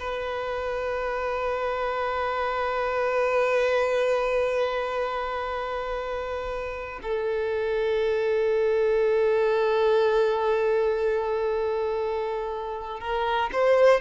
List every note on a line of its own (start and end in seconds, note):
0.00 7.00 B4
7.03 13.00 A4
13.00 13.50 A#4
13.53 14.00 C5